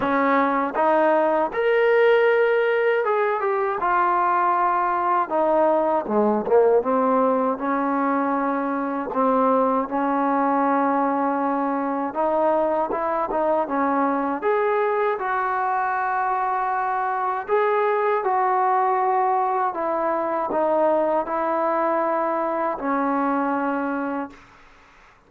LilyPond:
\new Staff \with { instrumentName = "trombone" } { \time 4/4 \tempo 4 = 79 cis'4 dis'4 ais'2 | gis'8 g'8 f'2 dis'4 | gis8 ais8 c'4 cis'2 | c'4 cis'2. |
dis'4 e'8 dis'8 cis'4 gis'4 | fis'2. gis'4 | fis'2 e'4 dis'4 | e'2 cis'2 | }